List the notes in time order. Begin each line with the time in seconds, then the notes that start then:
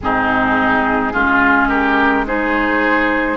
0.01 G#2 C4 D#4 G#4
1.12 G#3 C#4 F4
1.68 G4 A#4
2.26 D#4 G#4 C5